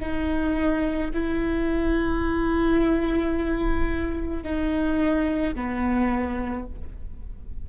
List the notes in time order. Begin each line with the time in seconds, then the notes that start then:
0.00 D#4
1.14 E4
4.43 D#4
5.55 B3